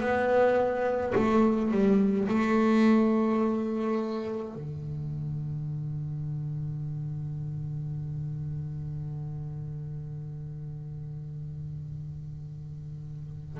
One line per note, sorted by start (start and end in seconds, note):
0.00 1.13 B3
1.15 1.71 A3
1.71 2.27 G3
2.28 4.54 A3
4.54 13.60 D3